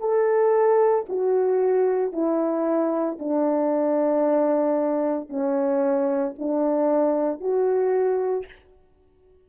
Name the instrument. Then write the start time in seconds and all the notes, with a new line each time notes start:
horn
0.00 A4
1.09 F#4
2.12 E4
3.20 D4
5.29 C#4
6.39 D4
7.41 F#4